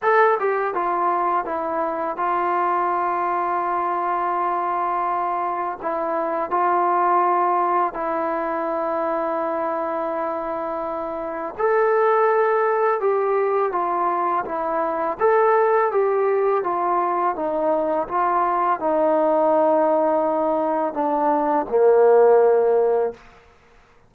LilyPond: \new Staff \with { instrumentName = "trombone" } { \time 4/4 \tempo 4 = 83 a'8 g'8 f'4 e'4 f'4~ | f'1 | e'4 f'2 e'4~ | e'1 |
a'2 g'4 f'4 | e'4 a'4 g'4 f'4 | dis'4 f'4 dis'2~ | dis'4 d'4 ais2 | }